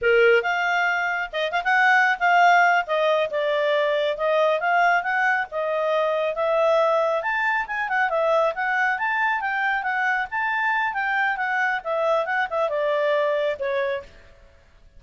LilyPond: \new Staff \with { instrumentName = "clarinet" } { \time 4/4 \tempo 4 = 137 ais'4 f''2 dis''8 f''16 fis''16~ | fis''4 f''4. dis''4 d''8~ | d''4. dis''4 f''4 fis''8~ | fis''8 dis''2 e''4.~ |
e''8 a''4 gis''8 fis''8 e''4 fis''8~ | fis''8 a''4 g''4 fis''4 a''8~ | a''4 g''4 fis''4 e''4 | fis''8 e''8 d''2 cis''4 | }